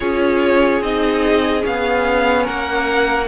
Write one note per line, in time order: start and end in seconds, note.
0.00 0.80 C#4
0.00 0.82 F4
0.00 2.44 G#4
0.00 0.82 C#5
0.80 1.63 C4
0.80 1.61 D#4
0.80 1.64 D#5
1.61 2.48 B3
1.61 3.25 C#4
1.61 2.46 F5
2.44 3.28 A#3
2.44 3.26 A#4
2.44 3.28 F#5